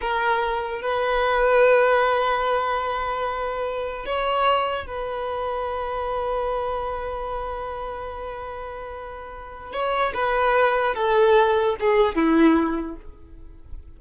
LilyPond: \new Staff \with { instrumentName = "violin" } { \time 4/4 \tempo 4 = 148 ais'2 b'2~ | b'1~ | b'2 cis''2 | b'1~ |
b'1~ | b'1 | cis''4 b'2 a'4~ | a'4 gis'4 e'2 | }